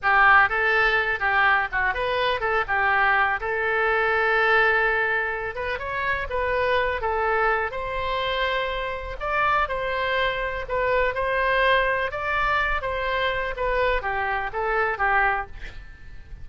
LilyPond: \new Staff \with { instrumentName = "oboe" } { \time 4/4 \tempo 4 = 124 g'4 a'4. g'4 fis'8 | b'4 a'8 g'4. a'4~ | a'2.~ a'8 b'8 | cis''4 b'4. a'4. |
c''2. d''4 | c''2 b'4 c''4~ | c''4 d''4. c''4. | b'4 g'4 a'4 g'4 | }